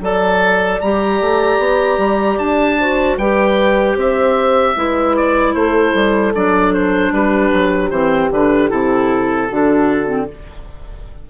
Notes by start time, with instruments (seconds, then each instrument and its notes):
0.00 bassoon F#3, clarinet A4, horn D5, oboe A5
0.81 bassoon G3, clarinet G4, oboe A#5
1.21 bassoon A3
1.58 bassoon B3
1.98 bassoon G3
2.38 bassoon D4, oboe A5
2.79 clarinet F#4, horn C5
3.17 bassoon G3, clarinet G4, horn B4, oboe G5
3.96 bassoon C4, horn C5, oboe E5
4.76 bassoon G#3, clarinet E4, horn B4
5.16 oboe D5
5.54 bassoon A3, horn A4, oboe C5
5.94 bassoon G3
6.34 bassoon F#3, clarinet D4, oboe D5
6.73 oboe C5
7.11 bassoon G3, horn G4, oboe B4
7.53 bassoon F#3
7.90 bassoon E3, clarinet C4, oboe C5
8.30 bassoon D3, clarinet D4, oboe B4
8.69 bassoon C3, clarinet E4, oboe A4
9.48 bassoon D3, clarinet D4, horn F#4
10.06 clarinet C4